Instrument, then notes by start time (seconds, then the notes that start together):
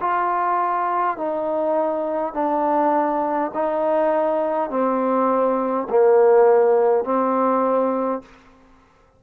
trombone
0.00 F4
1.17 D#4
2.34 D4
3.54 D#4
4.70 C4
5.89 A#3
7.04 C4